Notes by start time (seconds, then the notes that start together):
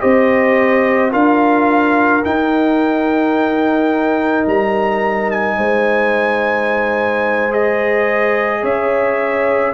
0.00 C4 G4 C5 D#5
1.11 D4 F4 A#4 F5
2.25 D#4 G5
4.47 G3 A#5
5.31 G#5
5.57 G#3 C5
7.51 G#4 D#5
8.62 C#4 C#5 E5